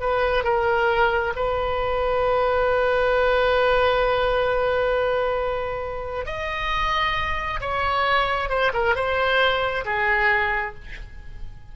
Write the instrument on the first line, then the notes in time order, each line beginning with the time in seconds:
oboe
0.00 B4
0.44 A#4
1.36 B4
6.25 D#5
7.60 C#5
8.49 C5
8.73 A#4
8.95 C5
9.85 G#4